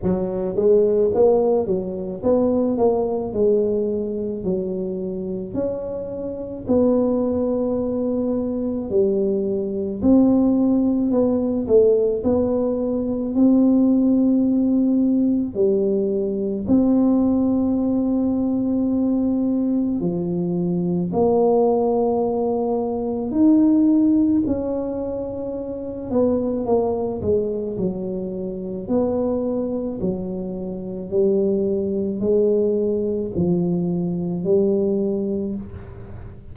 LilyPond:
\new Staff \with { instrumentName = "tuba" } { \time 4/4 \tempo 4 = 54 fis8 gis8 ais8 fis8 b8 ais8 gis4 | fis4 cis'4 b2 | g4 c'4 b8 a8 b4 | c'2 g4 c'4~ |
c'2 f4 ais4~ | ais4 dis'4 cis'4. b8 | ais8 gis8 fis4 b4 fis4 | g4 gis4 f4 g4 | }